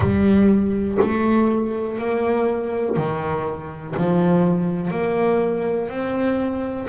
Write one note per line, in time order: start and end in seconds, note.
0.00 0.97 G3
1.01 1.98 A3
1.98 2.96 A#3
2.96 3.94 D#3
3.96 4.90 F3
4.90 5.89 A#3
5.89 6.87 C4